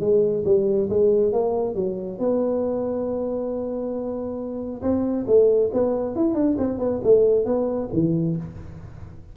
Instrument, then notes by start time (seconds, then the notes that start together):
tuba
0.00 G#3
0.45 G3
0.89 G#3
1.32 A#3
1.75 F#3
2.19 B3
4.82 C4
5.27 A3
5.73 B3
6.16 E4
6.34 D4
6.58 C4
6.79 B3
7.04 A3
7.45 B3
7.92 E3